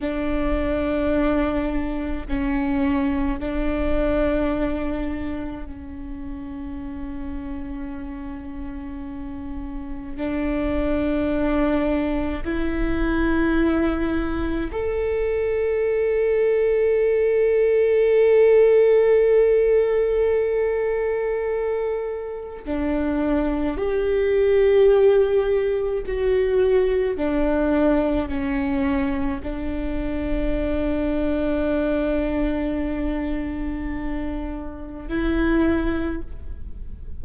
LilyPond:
\new Staff \with { instrumentName = "viola" } { \time 4/4 \tempo 4 = 53 d'2 cis'4 d'4~ | d'4 cis'2.~ | cis'4 d'2 e'4~ | e'4 a'2.~ |
a'1 | d'4 g'2 fis'4 | d'4 cis'4 d'2~ | d'2. e'4 | }